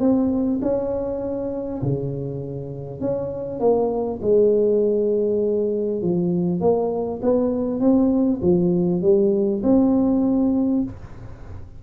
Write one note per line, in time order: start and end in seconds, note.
0.00 0.60 C4
0.62 1.82 C#4
1.82 3.01 C#3
3.01 3.60 C#4
3.60 4.20 A#3
4.22 6.02 G#3
6.02 6.61 F3
6.61 7.21 A#3
7.22 7.81 B3
7.81 8.41 C4
8.42 9.02 F3
9.02 9.62 G3
9.63 10.83 C4